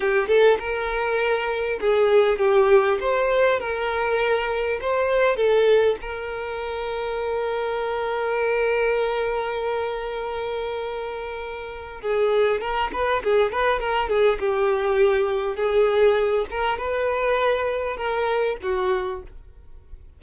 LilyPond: \new Staff \with { instrumentName = "violin" } { \time 4/4 \tempo 4 = 100 g'8 a'8 ais'2 gis'4 | g'4 c''4 ais'2 | c''4 a'4 ais'2~ | ais'1~ |
ais'1 | gis'4 ais'8 b'8 gis'8 b'8 ais'8 gis'8 | g'2 gis'4. ais'8 | b'2 ais'4 fis'4 | }